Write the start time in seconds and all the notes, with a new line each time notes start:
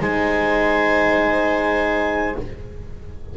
0.00 G#3 D#4 C5 G#5